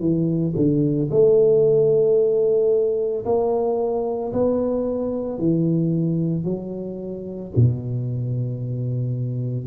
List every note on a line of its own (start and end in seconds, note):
0.00 0.54 E3
0.56 1.10 D3
1.10 3.24 A3
3.25 4.32 A#3
4.32 5.38 B3
5.38 6.44 E3
6.44 7.51 F#3
7.56 9.67 B2